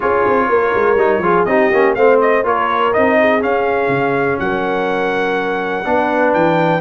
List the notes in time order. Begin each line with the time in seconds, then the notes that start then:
0.00 C#4 F4 G#4 C#5
0.27 C4
0.49 A#3 A#4
0.74 G#3
0.95 G3 D#4
1.19 F3 F4 G#4
1.45 C4 D#4 G4 D#5
1.72 A#3 C#4
1.94 A3 C4 C5 F5
2.20 D#5
2.43 A#3 F4 A#4 C#5
2.93 C4 D#4 D#5
3.20 G#4
3.40 C#4 F5
3.88 C#3
4.39 F#3 A#4 F#5
5.85 B3 D4 B4
6.33 E3 G5